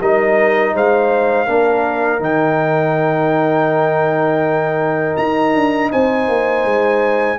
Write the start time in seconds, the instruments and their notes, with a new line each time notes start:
0.00 tuba G3, trombone D#4, horn A#4, trumpet D#5
0.74 tuba G#3, horn C5, trumpet F5
1.46 tuba A#3, trombone D4, horn A#4
2.20 tuba D#3, trombone D#4, trumpet G5
5.17 tuba D#4, trumpet A#5
5.55 tuba D4
5.92 tuba C4, horn C5, trumpet G#5
6.28 tuba A#3
6.65 tuba G#3